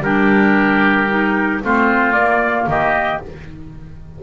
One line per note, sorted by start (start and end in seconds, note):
0.00 1.59 G3
0.00 1.08 D4
0.00 1.63 G4
0.00 1.62 A#4
1.08 1.61 D#4
1.62 2.13 A3
1.62 2.16 C4
1.62 2.69 F4
1.62 2.12 C5
2.12 2.66 A#3
2.12 3.23 A#3
2.12 2.65 D5
2.67 3.20 D#3
2.67 3.22 G4
2.67 3.22 D#5